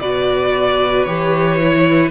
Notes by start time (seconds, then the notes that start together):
0.00 B2 F#4 B4 D5
1.04 E3 G4 C#5
1.58 E4